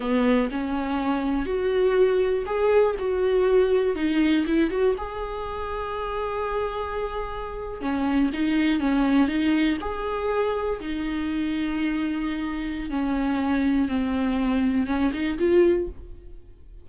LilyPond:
\new Staff \with { instrumentName = "viola" } { \time 4/4 \tempo 4 = 121 b4 cis'2 fis'4~ | fis'4 gis'4 fis'2 | dis'4 e'8 fis'8 gis'2~ | gis'2.~ gis'8. cis'16~ |
cis'8. dis'4 cis'4 dis'4 gis'16~ | gis'4.~ gis'16 dis'2~ dis'16~ | dis'2 cis'2 | c'2 cis'8 dis'8 f'4 | }